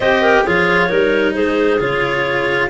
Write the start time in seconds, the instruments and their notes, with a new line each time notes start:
0.00 tuba C4, cello G4, clarinet C5 D#5
0.21 clarinet A#4
0.44 tuba F3, cello F4, clarinet G#4 C#5
0.88 tuba G3, cello D#4, clarinet A#4
1.34 tuba G#3, clarinet G#4 C5
1.79 tuba C#3, cello F4, clarinet C#5